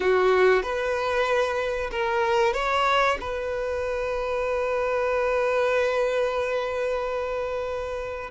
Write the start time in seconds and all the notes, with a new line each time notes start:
0.00 F#4
0.62 B4
1.91 A#4
2.53 C#5
3.20 B4